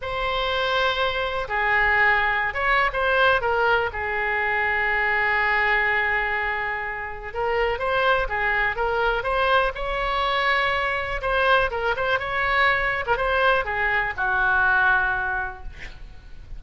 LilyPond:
\new Staff \with { instrumentName = "oboe" } { \time 4/4 \tempo 4 = 123 c''2. gis'4~ | gis'4~ gis'16 cis''8. c''4 ais'4 | gis'1~ | gis'2. ais'4 |
c''4 gis'4 ais'4 c''4 | cis''2. c''4 | ais'8 c''8 cis''4.~ cis''16 ais'16 c''4 | gis'4 fis'2. | }